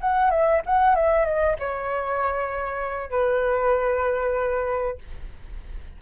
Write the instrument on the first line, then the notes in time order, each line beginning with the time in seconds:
flute
0.00 F#5
0.30 E5
0.66 F#5
0.95 E5
1.25 D#5
1.59 C#5
3.10 B4